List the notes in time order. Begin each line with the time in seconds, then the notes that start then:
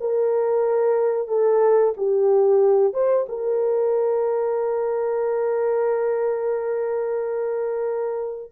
0.00 A#4
1.28 A4
1.97 G4
2.93 C5
3.28 A#4